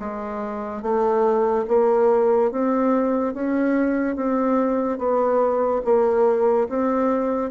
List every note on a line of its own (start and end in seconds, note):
0.00 0.83 G#3
0.83 1.66 A3
1.69 2.52 A#3
2.52 3.34 C4
3.34 4.16 C#4
4.16 4.98 C4
4.98 5.82 B3
5.85 6.69 A#3
6.70 7.51 C4